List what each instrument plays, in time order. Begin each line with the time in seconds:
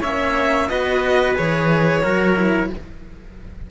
0.00 cello A#3 C#4, trumpet C#5, violin E5
0.69 cello B3 F#4, trumpet B4, violin D#5
1.35 cello E3 G#4, violin C#5
2.03 cello F#3 F#4, trumpet A#4
2.36 cello E4